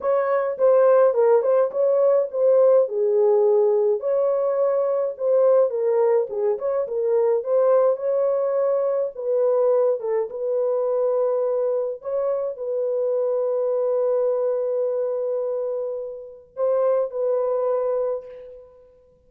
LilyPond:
\new Staff \with { instrumentName = "horn" } { \time 4/4 \tempo 4 = 105 cis''4 c''4 ais'8 c''8 cis''4 | c''4 gis'2 cis''4~ | cis''4 c''4 ais'4 gis'8 cis''8 | ais'4 c''4 cis''2 |
b'4. a'8 b'2~ | b'4 cis''4 b'2~ | b'1~ | b'4 c''4 b'2 | }